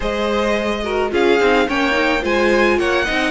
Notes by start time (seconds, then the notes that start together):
0.00 G#3 G#4 C5 D#5
0.83 F#4 A#4
1.10 C#4 F4 G#4 F5
1.40 C4 D#4
1.67 A#3 C#4 C#5 G5
1.91 D#4
2.22 G#3 F4 C5 G#5
2.78 A#3 C#5 F#5
3.04 C4 D#4 D#5